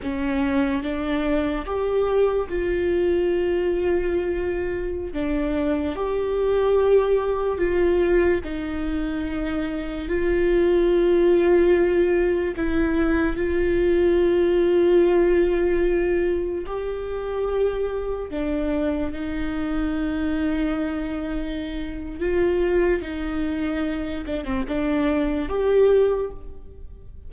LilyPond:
\new Staff \with { instrumentName = "viola" } { \time 4/4 \tempo 4 = 73 cis'4 d'4 g'4 f'4~ | f'2~ f'16 d'4 g'8.~ | g'4~ g'16 f'4 dis'4.~ dis'16~ | dis'16 f'2. e'8.~ |
e'16 f'2.~ f'8.~ | f'16 g'2 d'4 dis'8.~ | dis'2. f'4 | dis'4. d'16 c'16 d'4 g'4 | }